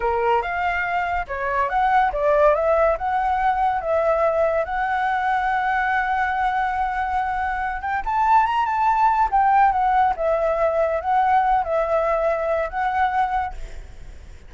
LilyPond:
\new Staff \with { instrumentName = "flute" } { \time 4/4 \tempo 4 = 142 ais'4 f''2 cis''4 | fis''4 d''4 e''4 fis''4~ | fis''4 e''2 fis''4~ | fis''1~ |
fis''2~ fis''8 g''8 a''4 | ais''8 a''4. g''4 fis''4 | e''2 fis''4. e''8~ | e''2 fis''2 | }